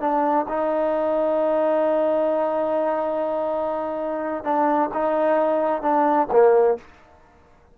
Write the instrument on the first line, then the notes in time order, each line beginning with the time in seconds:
trombone
0.00 D4
0.49 D#4
4.44 D4
4.93 D#4
5.82 D4
6.32 A#3